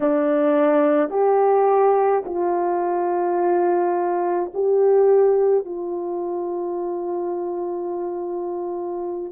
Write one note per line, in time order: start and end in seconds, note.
0.00 1.10 D4
1.10 2.23 G4
2.25 4.51 F4
4.53 5.64 G4
5.64 9.32 F4